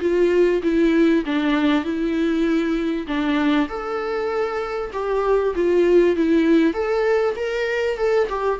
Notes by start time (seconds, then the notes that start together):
0.00 F4
0.63 E4
1.25 D4
1.84 E4
3.07 D4
3.69 A4
4.93 G4
5.55 F4
6.16 E4
6.73 A4
7.36 A#4
7.97 A4
8.29 G4